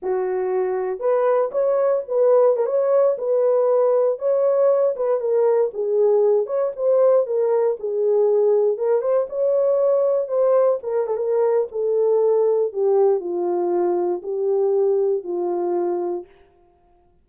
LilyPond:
\new Staff \with { instrumentName = "horn" } { \time 4/4 \tempo 4 = 118 fis'2 b'4 cis''4 | b'4 ais'16 cis''4 b'4.~ b'16~ | b'16 cis''4. b'8 ais'4 gis'8.~ | gis'8. cis''8 c''4 ais'4 gis'8.~ |
gis'4~ gis'16 ais'8 c''8 cis''4.~ cis''16~ | cis''16 c''4 ais'8 a'16 ais'4 a'4~ | a'4 g'4 f'2 | g'2 f'2 | }